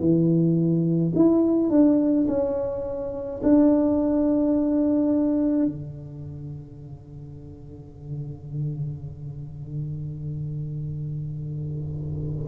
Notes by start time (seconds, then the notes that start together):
0.00 E3
1.16 E4
1.70 D4
2.28 C#4
3.43 D4
5.66 D3